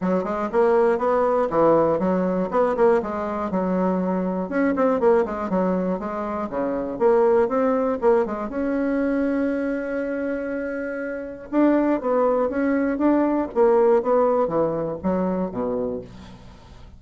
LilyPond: \new Staff \with { instrumentName = "bassoon" } { \time 4/4 \tempo 4 = 120 fis8 gis8 ais4 b4 e4 | fis4 b8 ais8 gis4 fis4~ | fis4 cis'8 c'8 ais8 gis8 fis4 | gis4 cis4 ais4 c'4 |
ais8 gis8 cis'2.~ | cis'2. d'4 | b4 cis'4 d'4 ais4 | b4 e4 fis4 b,4 | }